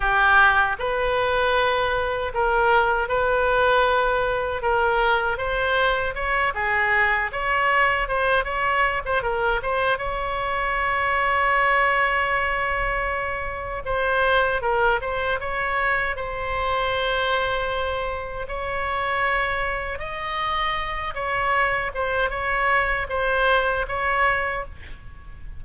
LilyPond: \new Staff \with { instrumentName = "oboe" } { \time 4/4 \tempo 4 = 78 g'4 b'2 ais'4 | b'2 ais'4 c''4 | cis''8 gis'4 cis''4 c''8 cis''8. c''16 | ais'8 c''8 cis''2.~ |
cis''2 c''4 ais'8 c''8 | cis''4 c''2. | cis''2 dis''4. cis''8~ | cis''8 c''8 cis''4 c''4 cis''4 | }